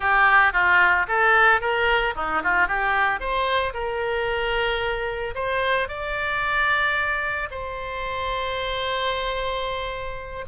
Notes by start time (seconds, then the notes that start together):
0.00 G4
0.52 F4
1.08 A4
1.60 A#4
2.15 D#4
2.43 F4
2.67 G4
3.19 C5
3.73 A#4
5.34 C5
5.88 D5
7.50 C5